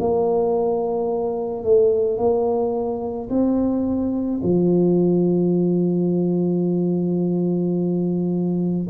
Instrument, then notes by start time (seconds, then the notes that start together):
tuba
0.00 A#3
1.64 A3
2.18 A#3
3.30 C4
4.43 F3